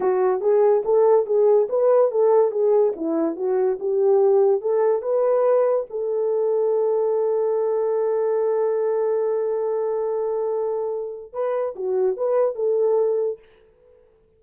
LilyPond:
\new Staff \with { instrumentName = "horn" } { \time 4/4 \tempo 4 = 143 fis'4 gis'4 a'4 gis'4 | b'4 a'4 gis'4 e'4 | fis'4 g'2 a'4 | b'2 a'2~ |
a'1~ | a'1~ | a'2. b'4 | fis'4 b'4 a'2 | }